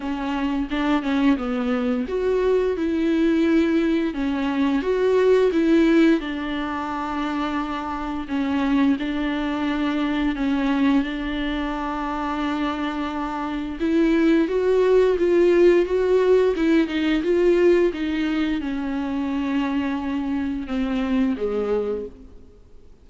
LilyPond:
\new Staff \with { instrumentName = "viola" } { \time 4/4 \tempo 4 = 87 cis'4 d'8 cis'8 b4 fis'4 | e'2 cis'4 fis'4 | e'4 d'2. | cis'4 d'2 cis'4 |
d'1 | e'4 fis'4 f'4 fis'4 | e'8 dis'8 f'4 dis'4 cis'4~ | cis'2 c'4 gis4 | }